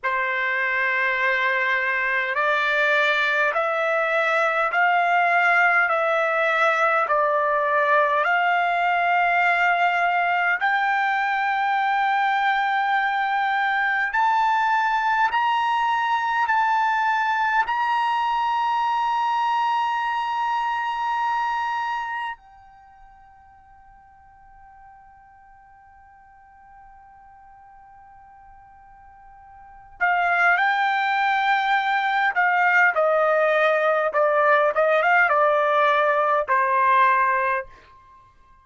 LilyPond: \new Staff \with { instrumentName = "trumpet" } { \time 4/4 \tempo 4 = 51 c''2 d''4 e''4 | f''4 e''4 d''4 f''4~ | f''4 g''2. | a''4 ais''4 a''4 ais''4~ |
ais''2. g''4~ | g''1~ | g''4. f''8 g''4. f''8 | dis''4 d''8 dis''16 f''16 d''4 c''4 | }